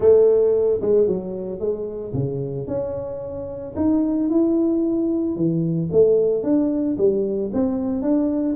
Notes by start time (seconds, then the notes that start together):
0.00 A3
0.81 G#3
1.07 F#3
1.59 G#3
2.13 C#3
2.67 C#4
3.75 D#4
4.29 E4
5.36 E3
5.92 A3
6.43 D4
6.97 G3
7.53 C4
8.02 D4